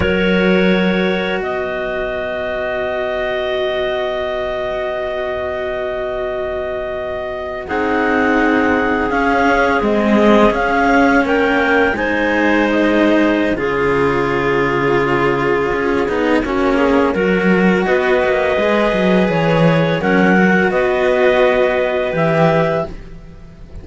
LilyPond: <<
  \new Staff \with { instrumentName = "clarinet" } { \time 4/4 \tempo 4 = 84 cis''2 dis''2~ | dis''1~ | dis''2~ dis''8. fis''4~ fis''16~ | fis''8. f''4 dis''4 f''4 g''16~ |
g''8. gis''4 dis''4~ dis''16 cis''4~ | cis''1~ | cis''4 dis''2 cis''4 | fis''4 dis''2 e''4 | }
  \new Staff \with { instrumentName = "clarinet" } { \time 4/4 ais'2 b'2~ | b'1~ | b'2~ b'8. gis'4~ gis'16~ | gis'2.~ gis'8. ais'16~ |
ais'8. c''2~ c''16 gis'4~ | gis'2. fis'8 gis'8 | ais'4 b'2. | ais'4 b'2. | }
  \new Staff \with { instrumentName = "cello" } { \time 4/4 fis'1~ | fis'1~ | fis'2~ fis'8. dis'4~ dis'16~ | dis'8. cis'4 gis4 cis'4~ cis'16~ |
cis'8. dis'2~ dis'16 f'4~ | f'2~ f'8 dis'8 cis'4 | fis'2 gis'2 | cis'8 fis'2~ fis'8 g'4 | }
  \new Staff \with { instrumentName = "cello" } { \time 4/4 fis2 b2~ | b1~ | b2~ b8. c'4~ c'16~ | c'8. cis'4 c'4 cis'4 ais16~ |
ais8. gis2~ gis16 cis4~ | cis2 cis'8 b8 ais4 | fis4 b8 ais8 gis8 fis8 e4 | fis4 b2 e4 | }
>>